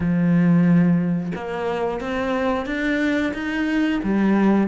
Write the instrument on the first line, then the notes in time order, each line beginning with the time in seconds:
cello
0.00 F3
1.35 A#3
2.00 C4
2.65 D4
3.33 D#4
4.03 G3